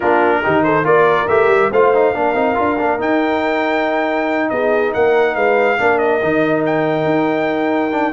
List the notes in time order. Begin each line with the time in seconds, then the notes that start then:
0.00 A#3 D4 F4 A#4
0.42 D#3 D#4 G4
0.63 A4 C5
0.83 A#3 F4 A#4 D5
1.28 A3 G4 E5
1.47 G3
1.71 A3 F4 C5 F5
1.94 D#4
2.13 A#3 D4 A#4
2.34 C4 D#4
2.54 D4 F4
2.78 A#3 D4
2.98 D#4 G5
4.49 B3 G#4 D#5
4.93 A#3 A#4 F#5
5.35 G#3 B4 F5
5.78 A#3 D4 A#4
5.98 D#5
6.22 D#3 D#4
6.66 G5
7.04 D#4
7.91 D4